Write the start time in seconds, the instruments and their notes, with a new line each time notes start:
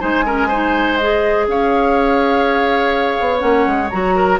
0.00 bassoon G#3, clarinet D#4, oboe C5, flute G#5
0.25 clarinet C#4, oboe A#4
0.48 clarinet D#4, oboe C5
0.97 clarinet G#4, flute D#5
1.47 bassoon C#4, oboe C#5, flute F5
3.20 bassoon B3
3.38 bassoon A#3, clarinet C#4, flute F#5
3.66 bassoon G#3
3.90 bassoon F#3, clarinet F#4, flute A#5
4.15 oboe A#4